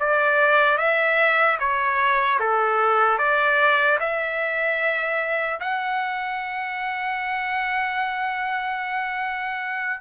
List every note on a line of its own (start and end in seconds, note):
0.00 0.78 D5
0.78 1.58 E5
1.60 2.40 C#5
2.40 3.18 A4
3.18 3.98 D5
4.00 5.60 E5
5.61 10.01 F#5